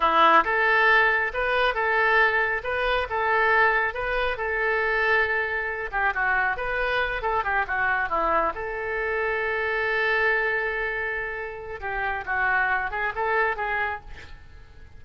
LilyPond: \new Staff \with { instrumentName = "oboe" } { \time 4/4 \tempo 4 = 137 e'4 a'2 b'4 | a'2 b'4 a'4~ | a'4 b'4 a'2~ | a'4. g'8 fis'4 b'4~ |
b'8 a'8 g'8 fis'4 e'4 a'8~ | a'1~ | a'2. g'4 | fis'4. gis'8 a'4 gis'4 | }